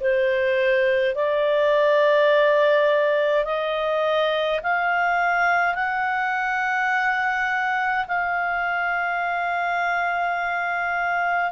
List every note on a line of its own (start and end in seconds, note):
0.00 1.15 C5
1.15 3.45 D5
3.45 4.60 D#5
4.63 5.74 F5
5.74 8.05 F#5
8.07 11.51 F5